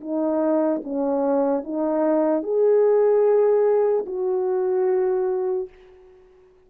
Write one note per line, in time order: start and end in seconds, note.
0.00 0.81 D#4
0.83 1.63 C#4
1.63 2.43 D#4
2.43 4.05 G#4
4.06 5.68 F#4